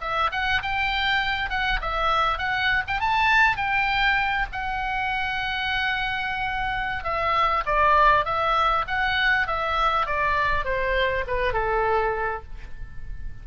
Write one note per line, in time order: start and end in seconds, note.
0.00 0.30 E5
0.31 0.61 F#5
0.62 1.49 G5
1.49 1.79 F#5
1.81 2.38 E5
2.38 2.83 F#5
2.87 3.00 G5
3.00 3.56 A5
3.56 4.46 G5
4.52 7.03 F#5
7.03 7.63 E5
7.66 8.25 D5
8.25 8.85 E5
8.87 9.47 F#5
9.47 10.06 E5
10.06 10.64 D5
10.64 11.24 C5
11.27 11.53 B4
11.53 12.43 A4